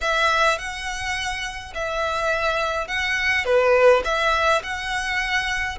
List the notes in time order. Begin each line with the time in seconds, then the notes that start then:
0.01 E5
0.58 F#5
1.74 E5
2.87 F#5
3.45 B4
4.04 E5
4.63 F#5